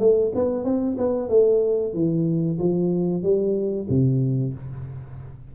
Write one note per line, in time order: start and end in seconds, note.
0.00 0.32 A3
0.35 0.65 B3
0.65 0.97 C4
0.98 1.29 B3
1.29 1.94 A3
1.94 2.59 E3
2.59 3.23 F3
3.23 3.88 G3
3.90 4.54 C3